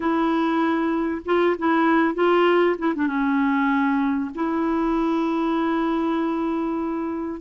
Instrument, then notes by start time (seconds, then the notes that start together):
clarinet
0.00 E4
1.25 F4
1.58 E4
2.14 F4
2.78 E4
2.95 D4
3.06 C#4
4.35 E4